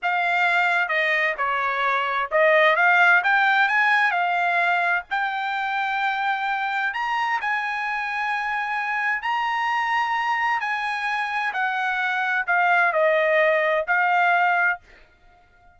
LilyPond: \new Staff \with { instrumentName = "trumpet" } { \time 4/4 \tempo 4 = 130 f''2 dis''4 cis''4~ | cis''4 dis''4 f''4 g''4 | gis''4 f''2 g''4~ | g''2. ais''4 |
gis''1 | ais''2. gis''4~ | gis''4 fis''2 f''4 | dis''2 f''2 | }